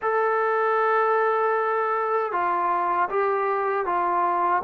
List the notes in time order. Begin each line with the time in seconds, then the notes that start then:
0.02 A4
2.31 F4
3.09 G4
3.85 F4